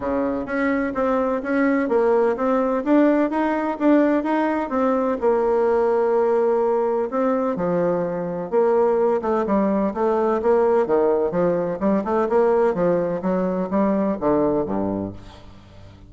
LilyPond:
\new Staff \with { instrumentName = "bassoon" } { \time 4/4 \tempo 4 = 127 cis4 cis'4 c'4 cis'4 | ais4 c'4 d'4 dis'4 | d'4 dis'4 c'4 ais4~ | ais2. c'4 |
f2 ais4. a8 | g4 a4 ais4 dis4 | f4 g8 a8 ais4 f4 | fis4 g4 d4 g,4 | }